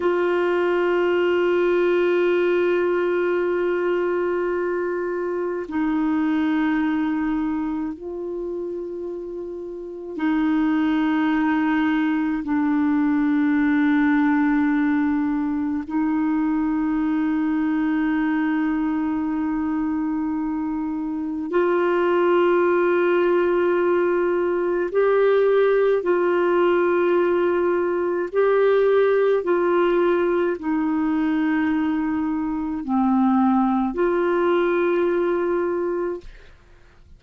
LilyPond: \new Staff \with { instrumentName = "clarinet" } { \time 4/4 \tempo 4 = 53 f'1~ | f'4 dis'2 f'4~ | f'4 dis'2 d'4~ | d'2 dis'2~ |
dis'2. f'4~ | f'2 g'4 f'4~ | f'4 g'4 f'4 dis'4~ | dis'4 c'4 f'2 | }